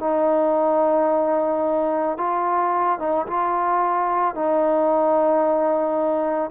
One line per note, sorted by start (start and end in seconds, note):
0.00 2.18 D#4
2.18 3.00 F4
3.00 3.27 D#4
3.27 4.35 F4
4.35 6.51 D#4